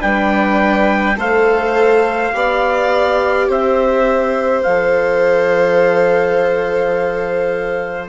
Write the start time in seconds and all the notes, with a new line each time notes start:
0.00 G3 D4 B4 G5
1.17 A3 A4 C5 F5
2.34 B3 G4 D5
3.48 C4 C5 E5
4.63 F3 A4 F5